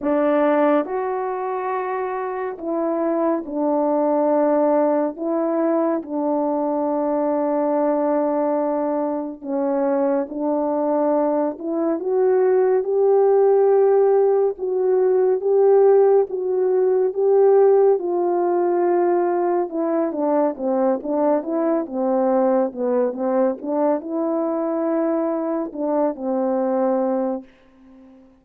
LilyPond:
\new Staff \with { instrumentName = "horn" } { \time 4/4 \tempo 4 = 70 d'4 fis'2 e'4 | d'2 e'4 d'4~ | d'2. cis'4 | d'4. e'8 fis'4 g'4~ |
g'4 fis'4 g'4 fis'4 | g'4 f'2 e'8 d'8 | c'8 d'8 e'8 c'4 b8 c'8 d'8 | e'2 d'8 c'4. | }